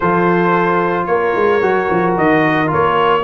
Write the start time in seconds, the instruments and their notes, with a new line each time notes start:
0.00 tuba F3, trombone F4, horn A4, trumpet C5
1.06 tuba A#3, trumpet C#5
1.12 horn A#4
1.35 tuba G#3
1.61 tuba F#3, trombone F#4
1.91 tuba F3
2.17 tuba D#3, trumpet D#5
2.66 trombone F4
2.73 tuba A#3, trumpet C#5